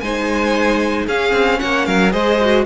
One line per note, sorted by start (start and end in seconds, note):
0.00 1.07 G#3
0.00 1.09 D#4
0.00 1.06 C5
0.00 1.05 G#5
1.06 1.32 C#4
1.06 2.11 C#4
1.06 1.59 G#4
1.06 1.59 F5
1.32 1.59 C4
1.59 1.87 A#3
1.59 1.86 C#5
1.59 1.86 F#5
1.86 2.13 F#3
1.86 2.12 A#4
1.86 2.12 F5
2.11 2.65 G#3
2.11 2.37 G#4
2.11 2.64 C5
2.11 2.65 D#5
2.41 2.65 F#4